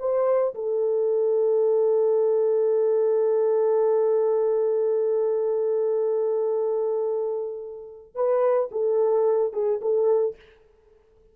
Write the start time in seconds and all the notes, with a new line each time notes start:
0.00 C5
0.55 A4
8.15 B4
8.72 A4
9.54 G#4
9.82 A4